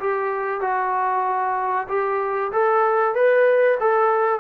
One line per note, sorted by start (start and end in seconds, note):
0.00 0.61 G4
0.61 1.87 F#4
1.89 2.52 G4
2.52 3.15 A4
3.15 3.78 B4
3.80 4.40 A4